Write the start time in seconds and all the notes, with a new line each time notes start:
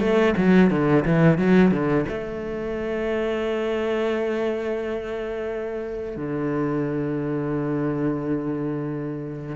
0.00 A3
0.37 F#3
0.70 D3
1.05 E3
1.38 F#3
1.71 D3
2.08 A3
6.16 D3